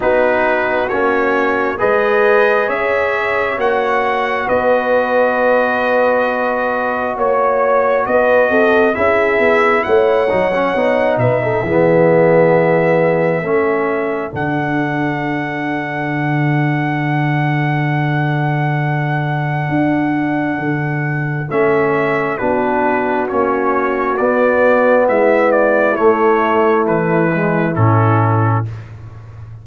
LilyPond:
<<
  \new Staff \with { instrumentName = "trumpet" } { \time 4/4 \tempo 4 = 67 b'4 cis''4 dis''4 e''4 | fis''4 dis''2. | cis''4 dis''4 e''4 fis''4~ | fis''8 e''2.~ e''8 |
fis''1~ | fis''1 | e''4 b'4 cis''4 d''4 | e''8 d''8 cis''4 b'4 a'4 | }
  \new Staff \with { instrumentName = "horn" } { \time 4/4 fis'2 b'4 cis''4~ | cis''4 b'2. | cis''4 b'8 a'8 gis'4 cis''4~ | cis''8 b'16 a'16 gis'2 a'4~ |
a'1~ | a'1~ | a'4 fis'2. | e'1 | }
  \new Staff \with { instrumentName = "trombone" } { \time 4/4 dis'4 cis'4 gis'2 | fis'1~ | fis'2 e'4. dis'16 cis'16 | dis'4 b2 cis'4 |
d'1~ | d'1 | cis'4 d'4 cis'4 b4~ | b4 a4. gis8 cis'4 | }
  \new Staff \with { instrumentName = "tuba" } { \time 4/4 b4 ais4 gis4 cis'4 | ais4 b2. | ais4 b8 c'8 cis'8 b8 a8 fis8 | b8 b,8 e2 a4 |
d1~ | d2 d'4 d4 | a4 b4 ais4 b4 | gis4 a4 e4 a,4 | }
>>